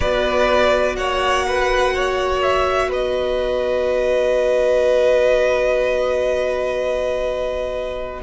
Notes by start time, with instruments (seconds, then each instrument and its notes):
0.00 cello B3, viola F#4, violin B4 D5
0.96 cello A#3, violin C#5 F#5
1.47 violin B4
1.94 violin C#5
2.42 violin E5
2.89 cello B3, violin B4 D#5